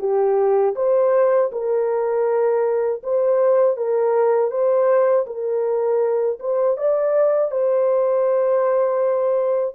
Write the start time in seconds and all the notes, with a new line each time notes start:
0.00 G4
0.76 C5
1.52 A#4
3.03 C5
3.77 A#4
4.51 C5
5.27 A#4
6.40 C5
6.77 D5
7.52 C5